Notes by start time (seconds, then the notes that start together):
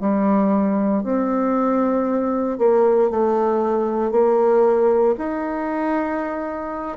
0.00 G3
1.03 C4
2.58 A#3
3.10 A3
4.11 A#3
5.18 D#4